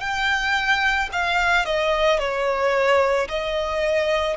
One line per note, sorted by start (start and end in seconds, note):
0.00 1.09 G5
1.12 1.65 F5
1.65 2.19 D#5
2.19 3.28 C#5
3.28 4.36 D#5